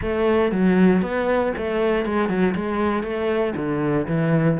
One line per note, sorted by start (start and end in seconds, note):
0.01 0.51 A3
0.51 1.02 F#3
1.02 1.53 B3
1.57 2.05 A3
2.05 2.28 G#3
2.28 2.54 F#3
2.55 3.03 G#3
3.03 3.54 A3
3.56 4.07 D3
4.07 4.58 E3